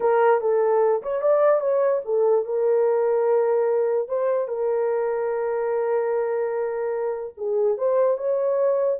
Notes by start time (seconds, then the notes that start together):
0.00 A#4
0.40 A4
1.02 C#5
1.21 D5
1.60 C#5
2.04 A4
2.45 A#4
4.08 C5
4.48 A#4
7.37 G#4
7.77 C5
8.17 C#5